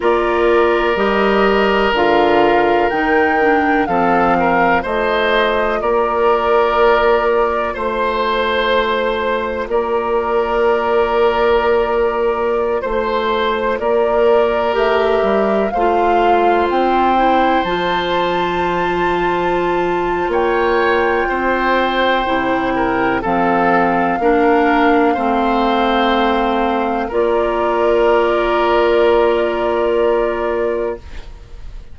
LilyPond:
<<
  \new Staff \with { instrumentName = "flute" } { \time 4/4 \tempo 4 = 62 d''4 dis''4 f''4 g''4 | f''4 dis''4 d''2 | c''2 d''2~ | d''4~ d''16 c''4 d''4 e''8.~ |
e''16 f''4 g''4 a''4.~ a''16~ | a''4 g''2. | f''1 | d''1 | }
  \new Staff \with { instrumentName = "oboe" } { \time 4/4 ais'1 | a'8 ais'8 c''4 ais'2 | c''2 ais'2~ | ais'4~ ais'16 c''4 ais'4.~ ais'16~ |
ais'16 c''2.~ c''8.~ | c''4 cis''4 c''4. ais'8 | a'4 ais'4 c''2 | ais'1 | }
  \new Staff \with { instrumentName = "clarinet" } { \time 4/4 f'4 g'4 f'4 dis'8 d'8 | c'4 f'2.~ | f'1~ | f'2.~ f'16 g'8.~ |
g'16 f'4. e'8 f'4.~ f'16~ | f'2. e'4 | c'4 d'4 c'2 | f'1 | }
  \new Staff \with { instrumentName = "bassoon" } { \time 4/4 ais4 g4 d4 dis4 | f4 a4 ais2 | a2 ais2~ | ais4~ ais16 a4 ais4 a8 g16~ |
g16 a4 c'4 f4.~ f16~ | f4 ais4 c'4 c4 | f4 ais4 a2 | ais1 | }
>>